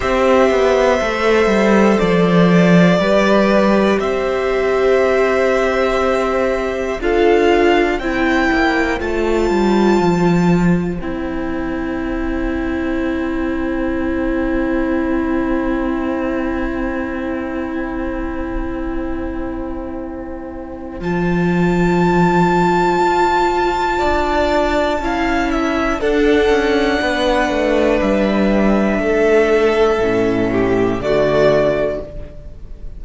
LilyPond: <<
  \new Staff \with { instrumentName = "violin" } { \time 4/4 \tempo 4 = 60 e''2 d''2 | e''2. f''4 | g''4 a''2 g''4~ | g''1~ |
g''1~ | g''4 a''2.~ | a''2 fis''2 | e''2. d''4 | }
  \new Staff \with { instrumentName = "violin" } { \time 4/4 c''2. b'4 | c''2. a'4 | c''1~ | c''1~ |
c''1~ | c''1 | d''4 f''8 e''8 a'4 b'4~ | b'4 a'4. g'8 fis'4 | }
  \new Staff \with { instrumentName = "viola" } { \time 4/4 g'4 a'2 g'4~ | g'2. f'4 | e'4 f'2 e'4~ | e'1~ |
e'1~ | e'4 f'2.~ | f'4 e'4 d'2~ | d'2 cis'4 a4 | }
  \new Staff \with { instrumentName = "cello" } { \time 4/4 c'8 b8 a8 g8 f4 g4 | c'2. d'4 | c'8 ais8 a8 g8 f4 c'4~ | c'1~ |
c'1~ | c'4 f2 f'4 | d'4 cis'4 d'8 cis'8 b8 a8 | g4 a4 a,4 d4 | }
>>